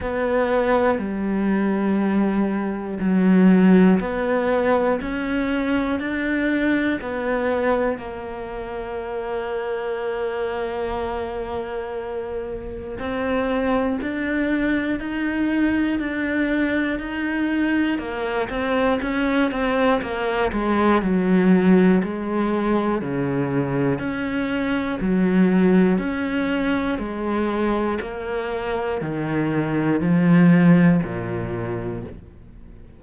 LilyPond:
\new Staff \with { instrumentName = "cello" } { \time 4/4 \tempo 4 = 60 b4 g2 fis4 | b4 cis'4 d'4 b4 | ais1~ | ais4 c'4 d'4 dis'4 |
d'4 dis'4 ais8 c'8 cis'8 c'8 | ais8 gis8 fis4 gis4 cis4 | cis'4 fis4 cis'4 gis4 | ais4 dis4 f4 ais,4 | }